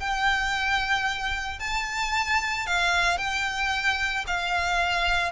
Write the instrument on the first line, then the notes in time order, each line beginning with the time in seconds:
violin
0.00 G5
1.60 A5
2.67 F5
3.18 G5
4.27 F5